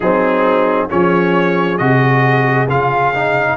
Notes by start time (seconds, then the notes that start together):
0.00 F#3 C4 D#4 G#4
0.89 F3 C#4 G#4 C#5
1.77 C3 F#4 D#5
2.68 C#3 F4 F5
3.14 D#4